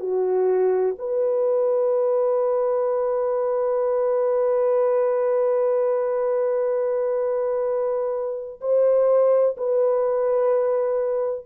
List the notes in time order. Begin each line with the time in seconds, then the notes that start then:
0.00 F#4
0.98 B4
8.61 C5
9.58 B4